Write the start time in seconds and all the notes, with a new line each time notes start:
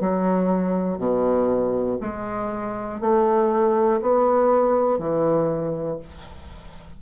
0.00 F#3
0.98 B2
2.00 G#3
3.00 A3
4.01 B3
4.98 E3